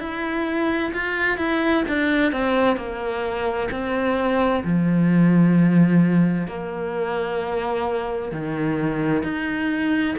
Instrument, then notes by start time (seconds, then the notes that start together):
cello
0.00 E4
0.94 F4
1.38 E4
1.89 D4
2.33 C4
2.77 A#3
3.71 C4
4.64 F3
6.48 A#3
8.32 D#3
9.23 D#4